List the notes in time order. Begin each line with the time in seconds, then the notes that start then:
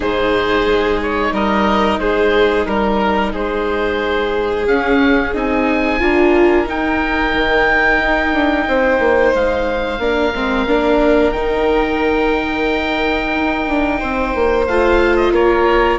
0.00 G#2 D#4 G#4 C5
0.65 G#3
1.02 C#5
1.32 G3 A#4 D#5
1.99 G#3 G#4 C5
2.65 G3 A#4
3.32 G#3 G#4 C5
4.67 C#4 F5
5.34 C4 D#4 G#5
5.99 D4 F4 A#4
6.66 D#4 G5
7.33 D#3
7.99 D#4
8.32 D4
8.67 C4 C5
8.99 A#3
9.34 G#3 F5
9.98 A#3 D4 A#4
10.34 G#3 C4
10.66 A#3 D4
11.31 D#3 D#4 G5
13.34 D#4
13.67 D4
13.99 C4 C5
14.35 A#3
14.67 A3 F4 F5
15.16 D#5
15.31 A#3 A#4 C#5